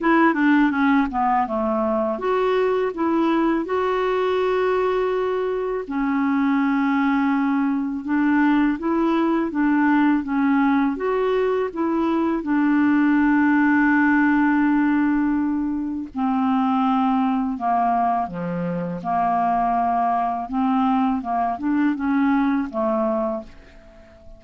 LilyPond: \new Staff \with { instrumentName = "clarinet" } { \time 4/4 \tempo 4 = 82 e'8 d'8 cis'8 b8 a4 fis'4 | e'4 fis'2. | cis'2. d'4 | e'4 d'4 cis'4 fis'4 |
e'4 d'2.~ | d'2 c'2 | ais4 f4 ais2 | c'4 ais8 d'8 cis'4 a4 | }